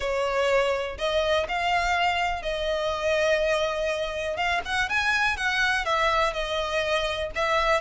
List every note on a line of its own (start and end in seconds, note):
0.00 0.97 C#5
0.98 1.47 D#5
1.48 2.42 F5
2.42 4.37 D#5
4.37 4.61 F5
4.65 4.89 F#5
4.89 5.37 G#5
5.37 5.85 F#5
5.85 6.33 E5
6.33 7.30 D#5
7.35 7.80 E5